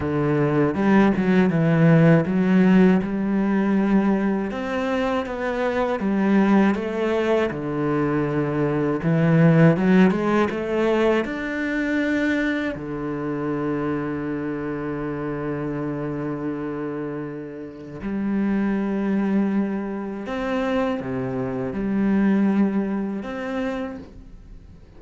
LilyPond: \new Staff \with { instrumentName = "cello" } { \time 4/4 \tempo 4 = 80 d4 g8 fis8 e4 fis4 | g2 c'4 b4 | g4 a4 d2 | e4 fis8 gis8 a4 d'4~ |
d'4 d2.~ | d1 | g2. c'4 | c4 g2 c'4 | }